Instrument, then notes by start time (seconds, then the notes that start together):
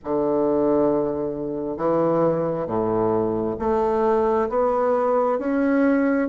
bassoon
0.04 D3
1.77 E3
2.66 A2
3.59 A3
4.49 B3
5.39 C#4